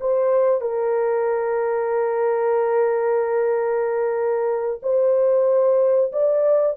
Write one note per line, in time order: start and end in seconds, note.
0.00 0.61 C5
0.61 4.80 A#4
4.83 6.12 C5
6.12 6.77 D5